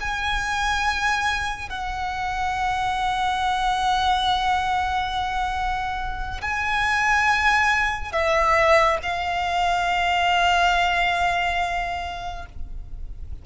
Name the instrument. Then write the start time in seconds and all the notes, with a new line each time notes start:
violin
0.00 G#5
1.69 F#5
6.41 G#5
8.12 E5
9.03 F5